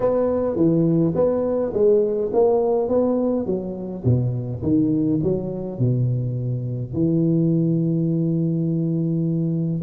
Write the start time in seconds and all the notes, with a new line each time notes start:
0.00 B3
0.56 E3
1.15 B3
1.73 G#3
2.33 A#3
2.88 B3
3.46 F#3
4.04 B2
4.62 D#3
5.23 F#3
5.78 B2
6.93 E3